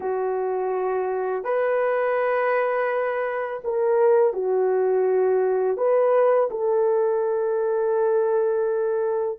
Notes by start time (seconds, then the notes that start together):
0.00 F#4
1.44 B4
3.63 A#4
4.33 F#4
5.77 B4
6.50 A4